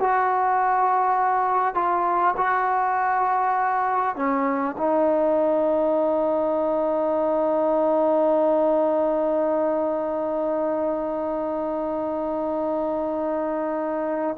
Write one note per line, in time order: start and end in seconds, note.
0.00 1.75 F#4
1.75 2.35 F4
2.37 4.16 F#4
4.16 4.76 C#4
4.78 14.38 D#4